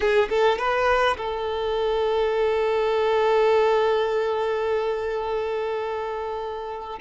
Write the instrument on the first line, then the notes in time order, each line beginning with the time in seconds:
violin
0.00 G#4
0.29 A4
0.58 B4
1.17 A4